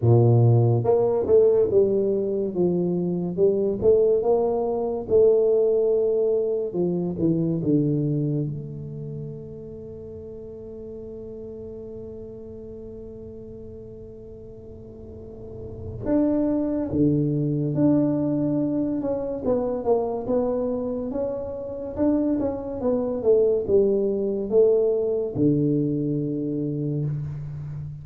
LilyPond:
\new Staff \with { instrumentName = "tuba" } { \time 4/4 \tempo 4 = 71 ais,4 ais8 a8 g4 f4 | g8 a8 ais4 a2 | f8 e8 d4 a2~ | a1~ |
a2. d'4 | d4 d'4. cis'8 b8 ais8 | b4 cis'4 d'8 cis'8 b8 a8 | g4 a4 d2 | }